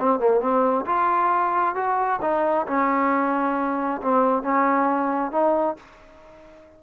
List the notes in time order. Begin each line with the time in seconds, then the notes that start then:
0.00 C4
0.20 A#3
0.41 C4
0.86 F4
1.75 F#4
2.22 D#4
2.67 C#4
4.02 C4
4.43 C#4
5.32 D#4